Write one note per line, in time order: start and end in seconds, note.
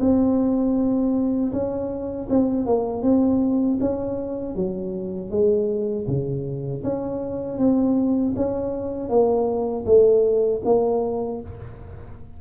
0.00 1.52 C4
1.52 2.28 C#4
2.29 2.66 C4
2.66 3.02 A#3
3.02 3.78 C4
3.80 4.55 C#4
4.55 5.30 F#3
5.30 6.06 G#3
6.07 6.83 C#3
6.84 7.58 C#4
7.58 8.34 C4
8.36 9.09 C#4
9.09 9.85 A#3
9.86 10.62 A3
10.65 11.41 A#3